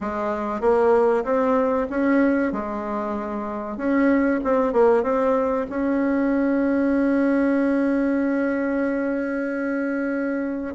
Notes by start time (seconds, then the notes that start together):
0.01 G#3
0.61 A#3
1.24 C4
1.90 C#4
2.52 G#3
3.77 C#4
4.44 C4
4.73 A#3
5.03 C4
5.69 C#4